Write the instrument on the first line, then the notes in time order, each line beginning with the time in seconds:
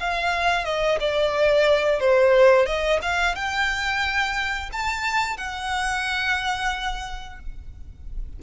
violin
0.00 F5
0.65 D#5
1.00 D5
2.00 C5
2.66 D#5
3.02 F5
3.36 G5
4.73 A5
5.38 F#5